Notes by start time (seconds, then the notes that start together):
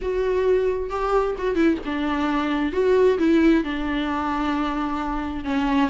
0.01 F#4
0.90 G4
1.38 F#4
1.55 E4
1.85 D4
2.72 F#4
3.18 E4
3.64 D4
5.44 C#4